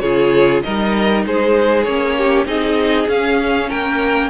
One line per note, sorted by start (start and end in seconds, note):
0.00 0.62 C#3
0.00 0.64 F4
0.00 0.63 G#4
0.00 0.61 C#5
0.63 1.26 G3
0.63 1.86 D#4
0.63 1.25 A#4
0.63 1.24 D#5
1.26 1.86 G#3
1.26 2.17 G#4
1.26 1.84 C5
1.84 2.46 A#3
1.84 2.46 C#4
1.84 2.45 C#5
2.17 2.48 G4
2.46 3.07 C4
2.46 3.07 D#4
2.46 3.69 G#4
2.46 3.09 D#5
3.08 3.69 C#4
3.08 4.30 C#4
3.08 3.70 F5
3.69 4.30 A#3
3.69 4.30 A#4
3.69 4.30 G5